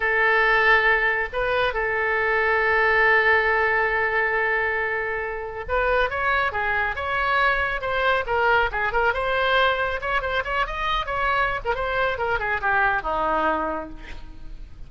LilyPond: \new Staff \with { instrumentName = "oboe" } { \time 4/4 \tempo 4 = 138 a'2. b'4 | a'1~ | a'1~ | a'4 b'4 cis''4 gis'4 |
cis''2 c''4 ais'4 | gis'8 ais'8 c''2 cis''8 c''8 | cis''8 dis''4 cis''4~ cis''16 ais'16 c''4 | ais'8 gis'8 g'4 dis'2 | }